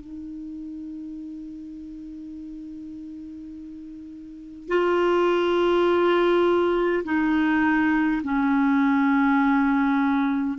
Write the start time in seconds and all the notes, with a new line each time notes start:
0.00 D#4
4.68 F4
7.04 D#4
8.23 C#4